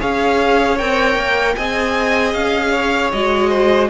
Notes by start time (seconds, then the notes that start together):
0.00 C#4 G#4 C#5 F5
0.78 C4 A#4 G5
1.16 A#3
1.56 C4 G#4 D#5 G#5
2.34 C#4 F5
2.72 C#5
3.12 G#3 F#4 D#5
3.50 C5